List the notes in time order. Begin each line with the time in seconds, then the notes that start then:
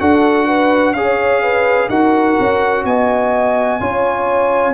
0.00 D4 F#4 A4 F#5
0.46 B4
0.93 C#4 G#4 C#5 F5
1.42 B4
1.88 D#4 F#4 A#4 F#5
2.40 C#4
2.85 B3 D#5 G#5
3.80 C#4 F4 C#5